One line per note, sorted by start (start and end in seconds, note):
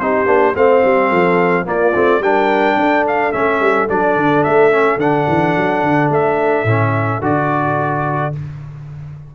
0.00 0.26 C4
0.00 0.26 D#4
0.00 0.57 G4
0.00 0.56 C5
0.26 0.54 A#3
0.26 0.54 D4
0.55 0.83 A3
0.55 1.65 C4
0.55 1.09 C5
0.55 1.68 F5
0.85 1.11 G3
1.09 1.66 F3
1.09 1.65 A4
1.65 1.93 A#3
1.65 1.94 A#3
1.65 2.23 F4
1.65 2.23 D5
1.94 2.20 A3
1.94 2.22 C4
2.20 2.76 G3
2.20 3.33 D4
2.20 2.79 A#4
2.20 3.06 G5
2.77 3.32 D4
2.77 8.34 A4
3.08 3.33 F5
3.33 3.61 A3
3.33 3.89 C#4
3.33 3.88 E5
3.61 3.88 G3
3.89 4.16 F#3
3.89 4.71 D4
3.89 4.44 D5
4.16 4.44 D3
4.44 4.97 A3
4.44 4.99 E5
4.71 4.99 C#4
4.97 5.25 D3
4.97 6.67 D4
4.97 6.11 F#5
5.28 5.56 E3
5.57 5.83 F#3
5.83 6.10 D3
6.10 6.64 A3
6.10 7.24 E5
6.64 7.20 A2
6.64 7.22 C#4
7.22 8.33 D3
7.22 8.33 F#4
7.22 8.35 D5